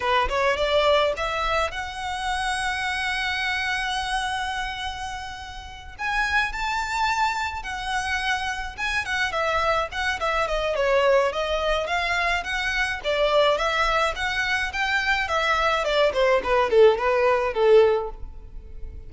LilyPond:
\new Staff \with { instrumentName = "violin" } { \time 4/4 \tempo 4 = 106 b'8 cis''8 d''4 e''4 fis''4~ | fis''1~ | fis''2~ fis''8 gis''4 a''8~ | a''4. fis''2 gis''8 |
fis''8 e''4 fis''8 e''8 dis''8 cis''4 | dis''4 f''4 fis''4 d''4 | e''4 fis''4 g''4 e''4 | d''8 c''8 b'8 a'8 b'4 a'4 | }